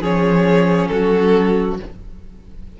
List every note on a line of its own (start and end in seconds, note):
0.00 0.89 F3
0.00 1.77 C#4
0.00 0.88 G#4
0.00 0.87 C#5
0.87 1.79 F#3
0.87 1.80 F#4
0.87 1.76 A4